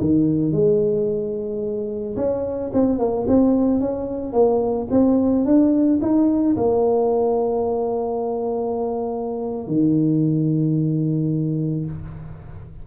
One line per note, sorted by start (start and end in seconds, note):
0.00 0.52 D#3
0.52 2.15 G#3
2.16 2.71 C#4
2.73 2.99 C4
2.99 3.26 A#3
3.27 3.80 C4
3.80 4.33 C#4
4.33 4.87 A#3
4.90 5.45 C4
5.45 5.99 D4
6.01 6.56 D#4
6.56 9.67 A#3
9.67 11.85 D#3